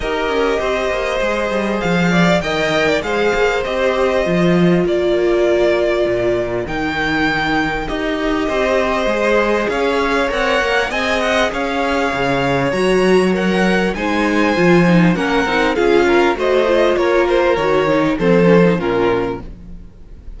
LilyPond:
<<
  \new Staff \with { instrumentName = "violin" } { \time 4/4 \tempo 4 = 99 dis''2. f''4 | g''4 f''4 dis''2 | d''2. g''4~ | g''4 dis''2. |
f''4 fis''4 gis''8 fis''8 f''4~ | f''4 ais''4 fis''4 gis''4~ | gis''4 fis''4 f''4 dis''4 | cis''8 c''8 cis''4 c''4 ais'4 | }
  \new Staff \with { instrumentName = "violin" } { \time 4/4 ais'4 c''2~ c''8 d''8 | dis''8. d''16 c''2. | ais'1~ | ais'2 c''2 |
cis''2 dis''4 cis''4~ | cis''2. c''4~ | c''4 ais'4 gis'8 ais'8 c''4 | ais'2 a'4 f'4 | }
  \new Staff \with { instrumentName = "viola" } { \time 4/4 g'2 gis'2 | ais'4 gis'4 g'4 f'4~ | f'2. dis'4~ | dis'4 g'2 gis'4~ |
gis'4 ais'4 gis'2~ | gis'4 fis'4 ais'4 dis'4 | f'8 dis'8 cis'8 dis'8 f'4 fis'8 f'8~ | f'4 fis'8 dis'8 c'8 cis'16 dis'16 cis'4 | }
  \new Staff \with { instrumentName = "cello" } { \time 4/4 dis'8 cis'8 c'8 ais8 gis8 g8 f4 | dis4 gis8 ais8 c'4 f4 | ais2 ais,4 dis4~ | dis4 dis'4 c'4 gis4 |
cis'4 c'8 ais8 c'4 cis'4 | cis4 fis2 gis4 | f4 ais8 c'8 cis'4 a4 | ais4 dis4 f4 ais,4 | }
>>